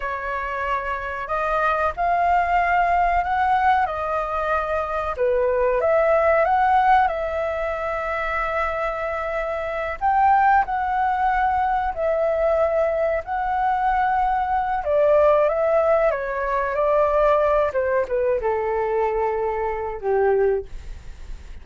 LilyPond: \new Staff \with { instrumentName = "flute" } { \time 4/4 \tempo 4 = 93 cis''2 dis''4 f''4~ | f''4 fis''4 dis''2 | b'4 e''4 fis''4 e''4~ | e''2.~ e''8 g''8~ |
g''8 fis''2 e''4.~ | e''8 fis''2~ fis''8 d''4 | e''4 cis''4 d''4. c''8 | b'8 a'2~ a'8 g'4 | }